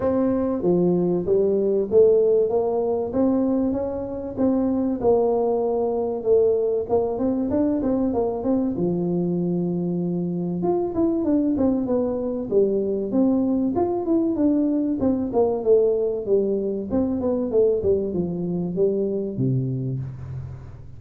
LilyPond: \new Staff \with { instrumentName = "tuba" } { \time 4/4 \tempo 4 = 96 c'4 f4 g4 a4 | ais4 c'4 cis'4 c'4 | ais2 a4 ais8 c'8 | d'8 c'8 ais8 c'8 f2~ |
f4 f'8 e'8 d'8 c'8 b4 | g4 c'4 f'8 e'8 d'4 | c'8 ais8 a4 g4 c'8 b8 | a8 g8 f4 g4 c4 | }